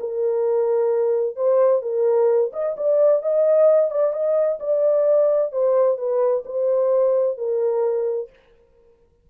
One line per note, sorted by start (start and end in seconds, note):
0.00 1.36 A#4
1.36 1.82 C5
1.82 2.52 A#4
2.53 2.76 D#5
2.77 3.22 D5
3.22 3.91 D#5
3.91 4.13 D5
4.13 4.59 D#5
4.60 5.52 D5
5.52 5.98 C5
5.98 6.44 B4
6.45 7.38 C5
7.38 8.30 A#4